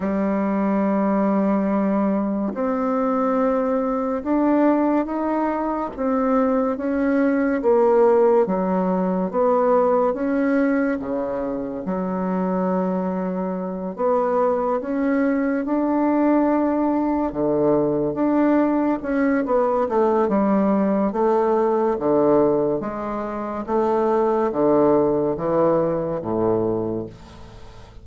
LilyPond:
\new Staff \with { instrumentName = "bassoon" } { \time 4/4 \tempo 4 = 71 g2. c'4~ | c'4 d'4 dis'4 c'4 | cis'4 ais4 fis4 b4 | cis'4 cis4 fis2~ |
fis8 b4 cis'4 d'4.~ | d'8 d4 d'4 cis'8 b8 a8 | g4 a4 d4 gis4 | a4 d4 e4 a,4 | }